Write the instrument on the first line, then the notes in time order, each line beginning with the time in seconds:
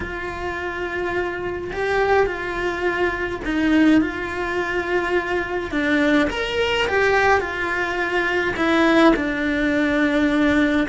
cello
0.00 F4
1.72 G4
2.26 F4
3.44 D#4
4.01 F4
5.71 D4
6.30 A#4
6.87 G4
7.40 F4
8.56 E4
9.16 D4